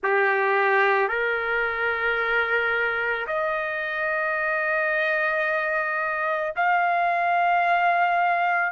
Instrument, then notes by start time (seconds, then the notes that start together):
trumpet
0.03 G4
1.08 A#4
3.26 D#5
6.56 F5